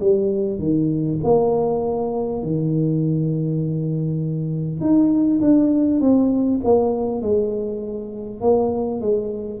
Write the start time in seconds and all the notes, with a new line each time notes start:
0.00 G3
0.58 D#3
1.23 A#3
2.42 D#3
4.80 D#4
5.40 D4
6.00 C4
6.64 A#3
7.21 G#3
8.40 A#3
9.00 G#3